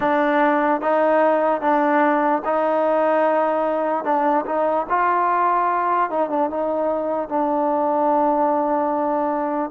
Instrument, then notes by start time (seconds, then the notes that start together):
trombone
0.00 D4
0.81 D#4
1.61 D4
2.44 D#4
4.04 D4
4.45 D#4
4.89 F4
6.10 D#4
6.29 D4
6.50 D#4
7.29 D4